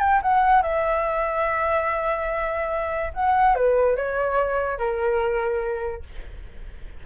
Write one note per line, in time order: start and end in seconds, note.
0.00 0.21 G5
0.22 0.62 F#5
0.62 3.12 E5
3.14 3.55 F#5
3.55 3.96 B4
3.96 4.78 C#5
4.78 6.03 A#4